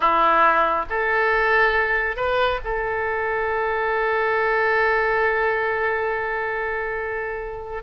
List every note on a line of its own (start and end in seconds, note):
0.00 0.85 E4
0.89 2.16 A4
2.16 2.60 B4
2.64 7.82 A4